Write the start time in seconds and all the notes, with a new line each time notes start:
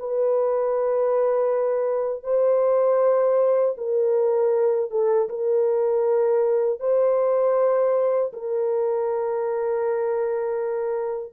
0.00 B4
2.24 C5
3.78 A#4
4.91 A4
5.29 A#4
6.80 C5
8.33 A#4